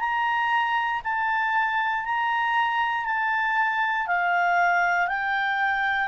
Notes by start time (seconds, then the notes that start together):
0.00 A#5
1.04 A5
2.05 A#5
3.06 A5
4.07 F5
5.08 G5